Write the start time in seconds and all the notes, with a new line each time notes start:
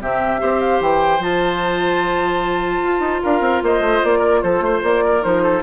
0.00 C3 C4 G4 E5
0.39 C4 G4 C5
0.61 F5
0.80 E3 G5
1.19 F3 F4 A5
2.84 F4
3.00 D#4
3.23 D4 A#4 F5
3.41 C4
3.63 A#3 C5 D#5
3.80 A3
4.04 A#3 D5
4.19 A#4
4.42 F3 A4 C5
4.60 A3 C5
4.83 A#3 D5
5.04 A#4
5.22 F3 D#4 C5
5.43 A4